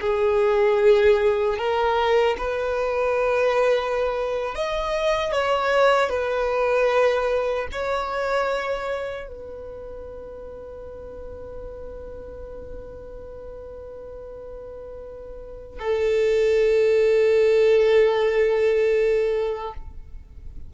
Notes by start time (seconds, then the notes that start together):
0.00 G#4
1.58 A#4
2.37 B4
4.55 D#5
5.32 C#5
6.09 B4
7.71 C#5
9.27 B4
15.79 A4